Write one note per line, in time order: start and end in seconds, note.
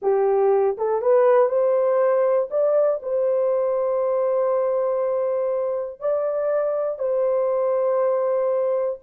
0.02 0.77 G4
0.77 1.01 A4
1.01 1.48 B4
1.48 2.48 C5
2.50 3.00 D5
3.02 6.00 C5
6.00 6.99 D5
6.99 8.99 C5